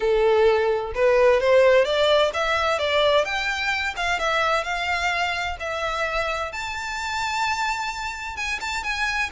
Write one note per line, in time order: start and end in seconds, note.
0.00 0.92 A4
0.95 1.40 B4
1.40 1.85 C5
1.85 2.31 D5
2.33 2.79 E5
2.79 3.24 D5
3.24 3.94 G5
3.96 4.19 F5
4.19 4.63 E5
4.63 5.56 F5
5.59 6.52 E5
6.52 8.36 A5
8.36 8.59 G#5
8.60 8.83 A5
8.83 9.30 G#5